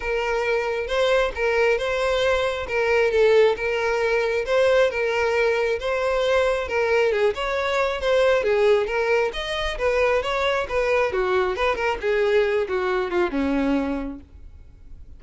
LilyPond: \new Staff \with { instrumentName = "violin" } { \time 4/4 \tempo 4 = 135 ais'2 c''4 ais'4 | c''2 ais'4 a'4 | ais'2 c''4 ais'4~ | ais'4 c''2 ais'4 |
gis'8 cis''4. c''4 gis'4 | ais'4 dis''4 b'4 cis''4 | b'4 fis'4 b'8 ais'8 gis'4~ | gis'8 fis'4 f'8 cis'2 | }